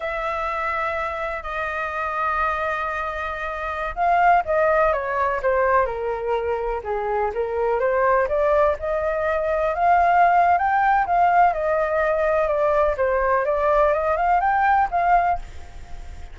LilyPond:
\new Staff \with { instrumentName = "flute" } { \time 4/4 \tempo 4 = 125 e''2. dis''4~ | dis''1~ | dis''16 f''4 dis''4 cis''4 c''8.~ | c''16 ais'2 gis'4 ais'8.~ |
ais'16 c''4 d''4 dis''4.~ dis''16~ | dis''16 f''4.~ f''16 g''4 f''4 | dis''2 d''4 c''4 | d''4 dis''8 f''8 g''4 f''4 | }